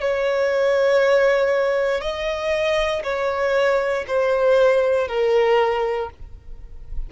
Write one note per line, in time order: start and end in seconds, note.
0.00 2.01 C#5
2.01 3.02 D#5
3.03 4.05 C#5
4.07 5.08 C5
5.08 6.09 A#4